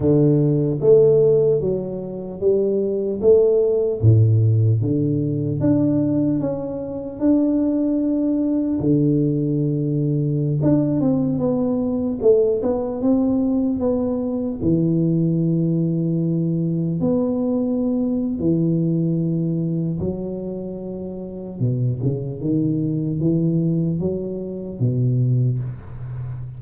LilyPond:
\new Staff \with { instrumentName = "tuba" } { \time 4/4 \tempo 4 = 75 d4 a4 fis4 g4 | a4 a,4 d4 d'4 | cis'4 d'2 d4~ | d4~ d16 d'8 c'8 b4 a8 b16~ |
b16 c'4 b4 e4.~ e16~ | e4~ e16 b4.~ b16 e4~ | e4 fis2 b,8 cis8 | dis4 e4 fis4 b,4 | }